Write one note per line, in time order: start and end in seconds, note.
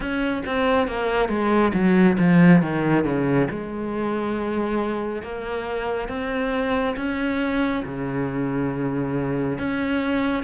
0.00 0.43 C#4
0.45 0.87 C4
0.87 1.28 A#3
1.28 1.72 G#3
1.73 2.17 F#3
2.18 2.61 F3
2.62 3.04 D#3
3.04 3.47 C#3
3.50 5.22 G#3
5.22 6.08 A#3
6.08 6.95 C4
6.96 7.83 C#4
7.85 9.58 C#3
9.58 10.43 C#4